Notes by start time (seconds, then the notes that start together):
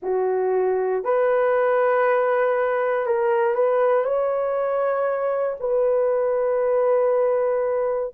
0.02 F#4
1.04 B4
3.06 A#4
3.55 B4
4.04 C#5
5.60 B4